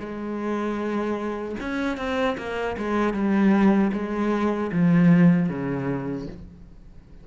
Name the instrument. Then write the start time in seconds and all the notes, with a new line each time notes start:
cello
0.00 G#3
1.60 C#4
1.98 C4
2.38 A#3
2.78 G#3
3.14 G3
3.93 G#3
4.72 F3
5.50 C#3